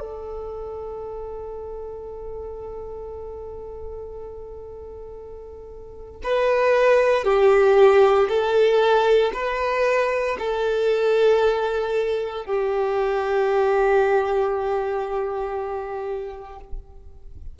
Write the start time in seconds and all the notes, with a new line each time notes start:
0.00 A4
6.24 B4
7.25 G4
8.29 A4
9.34 B4
10.39 A4
12.46 G4